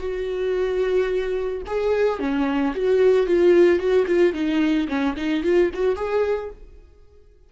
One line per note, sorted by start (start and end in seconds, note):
0.00 1.62 F#4
1.67 2.20 G#4
2.20 2.74 C#4
2.76 3.27 F#4
3.27 3.79 F4
3.79 4.06 F#4
4.07 4.34 F4
4.34 4.88 D#4
4.88 5.15 C#4
5.17 5.44 D#4
5.44 5.71 F4
5.74 5.96 F#4
5.96 6.50 G#4